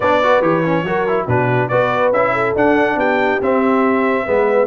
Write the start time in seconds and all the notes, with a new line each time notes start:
0.00 B3 D4 C#5 D5
0.21 F#4 B4
0.41 E3 G4 C#5
0.64 C#4
0.83 F#3 F#4 A#4
1.07 E4
1.26 B2 D4 F#4 B4
1.68 B3 F#4 B4 D5
2.11 C#4 E4 E5
2.32 A4
2.55 D4 F#5
2.95 B3 G4 G5
3.41 C4 E5
4.25 G#3 B3 B4